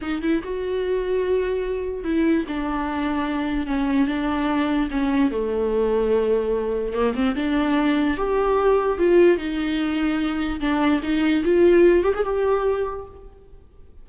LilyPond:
\new Staff \with { instrumentName = "viola" } { \time 4/4 \tempo 4 = 147 dis'8 e'8 fis'2.~ | fis'4 e'4 d'2~ | d'4 cis'4 d'2 | cis'4 a2.~ |
a4 ais8 c'8 d'2 | g'2 f'4 dis'4~ | dis'2 d'4 dis'4 | f'4. g'16 gis'16 g'2 | }